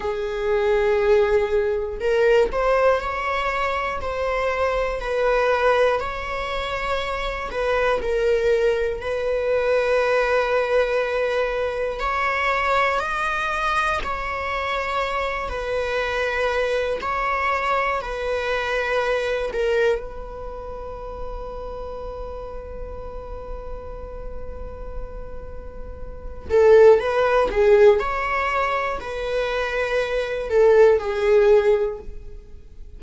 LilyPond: \new Staff \with { instrumentName = "viola" } { \time 4/4 \tempo 4 = 60 gis'2 ais'8 c''8 cis''4 | c''4 b'4 cis''4. b'8 | ais'4 b'2. | cis''4 dis''4 cis''4. b'8~ |
b'4 cis''4 b'4. ais'8 | b'1~ | b'2~ b'8 a'8 b'8 gis'8 | cis''4 b'4. a'8 gis'4 | }